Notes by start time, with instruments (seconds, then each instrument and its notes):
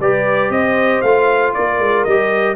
0.00 tuba G3, trombone G4, horn B4, trumpet D5
0.50 tuba C4, horn C5, trumpet D#5
1.01 tuba A3, trombone F4, trumpet F5
1.54 tuba A#3, horn A#4, trumpet D5
1.79 tuba G#3
2.04 tuba G3, trombone G4, trumpet D#5